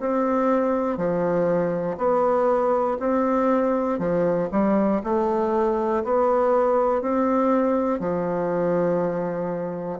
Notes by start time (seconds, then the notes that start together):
0.00 C4
0.97 F3
1.97 B3
2.99 C4
3.98 F3
4.51 G3
5.03 A3
6.04 B3
7.01 C4
8.00 F3